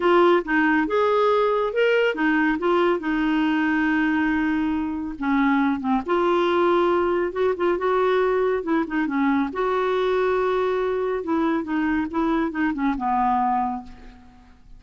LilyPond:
\new Staff \with { instrumentName = "clarinet" } { \time 4/4 \tempo 4 = 139 f'4 dis'4 gis'2 | ais'4 dis'4 f'4 dis'4~ | dis'1 | cis'4. c'8 f'2~ |
f'4 fis'8 f'8 fis'2 | e'8 dis'8 cis'4 fis'2~ | fis'2 e'4 dis'4 | e'4 dis'8 cis'8 b2 | }